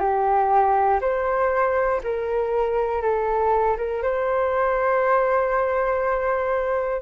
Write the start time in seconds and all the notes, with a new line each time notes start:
0.00 G4
1.01 C5
2.03 A#4
3.02 A4
3.77 A#4
4.02 C5